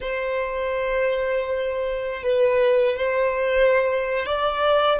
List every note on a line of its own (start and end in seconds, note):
0.00 2.23 C5
2.23 2.96 B4
2.96 4.26 C5
4.26 5.00 D5